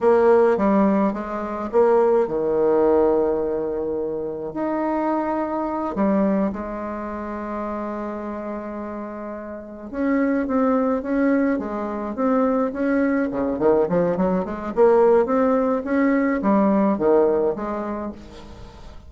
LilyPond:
\new Staff \with { instrumentName = "bassoon" } { \time 4/4 \tempo 4 = 106 ais4 g4 gis4 ais4 | dis1 | dis'2~ dis'8 g4 gis8~ | gis1~ |
gis4. cis'4 c'4 cis'8~ | cis'8 gis4 c'4 cis'4 cis8 | dis8 f8 fis8 gis8 ais4 c'4 | cis'4 g4 dis4 gis4 | }